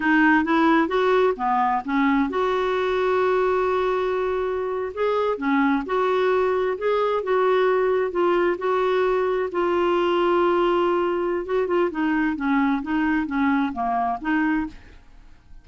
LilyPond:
\new Staff \with { instrumentName = "clarinet" } { \time 4/4 \tempo 4 = 131 dis'4 e'4 fis'4 b4 | cis'4 fis'2.~ | fis'2~ fis'8. gis'4 cis'16~ | cis'8. fis'2 gis'4 fis'16~ |
fis'4.~ fis'16 f'4 fis'4~ fis'16~ | fis'8. f'2.~ f'16~ | f'4 fis'8 f'8 dis'4 cis'4 | dis'4 cis'4 ais4 dis'4 | }